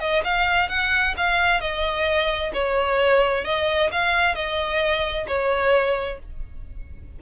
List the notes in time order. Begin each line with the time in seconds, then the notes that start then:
0.00 D#5
0.25 F5
0.70 F#5
1.17 F5
1.61 D#5
2.54 C#5
3.45 D#5
3.92 F5
4.36 D#5
5.28 C#5